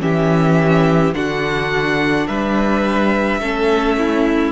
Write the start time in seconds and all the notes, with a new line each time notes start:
0.00 E3 C#4 G4 E5
1.14 D3 D4 F#4 F#5
2.27 G3 B4 E5
3.40 A3 C#4 A4
3.98 E4